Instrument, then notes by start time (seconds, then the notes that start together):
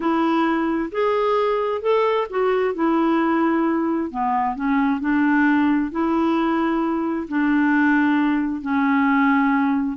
clarinet
0.00 E4
0.91 G#4
1.81 A4
2.30 F#4
2.74 E4
4.10 B3
4.55 C#4
5.00 D4
5.91 E4
7.28 D4
8.61 C#4